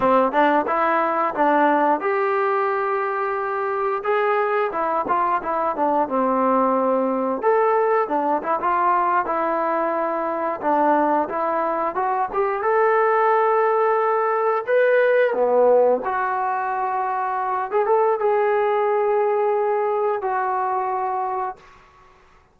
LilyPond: \new Staff \with { instrumentName = "trombone" } { \time 4/4 \tempo 4 = 89 c'8 d'8 e'4 d'4 g'4~ | g'2 gis'4 e'8 f'8 | e'8 d'8 c'2 a'4 | d'8 e'16 f'4 e'2 d'16~ |
d'8. e'4 fis'8 g'8 a'4~ a'16~ | a'4.~ a'16 b'4 b4 fis'16~ | fis'2~ fis'16 gis'16 a'8 gis'4~ | gis'2 fis'2 | }